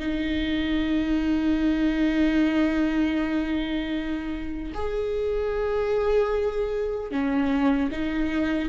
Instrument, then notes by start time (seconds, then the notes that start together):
viola
0.00 D#4
4.75 G#4
7.11 C#4
7.92 D#4